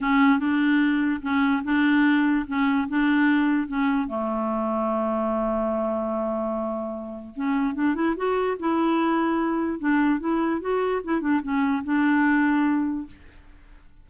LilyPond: \new Staff \with { instrumentName = "clarinet" } { \time 4/4 \tempo 4 = 147 cis'4 d'2 cis'4 | d'2 cis'4 d'4~ | d'4 cis'4 a2~ | a1~ |
a2 cis'4 d'8 e'8 | fis'4 e'2. | d'4 e'4 fis'4 e'8 d'8 | cis'4 d'2. | }